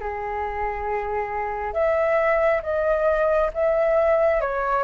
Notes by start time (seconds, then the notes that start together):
0.00 G#4
1.73 E5
2.63 D#5
3.54 E5
4.41 C#5